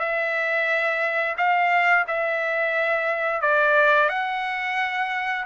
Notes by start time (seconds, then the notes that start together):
0.00 E5
1.38 F5
2.08 E5
3.42 D5
4.09 F#5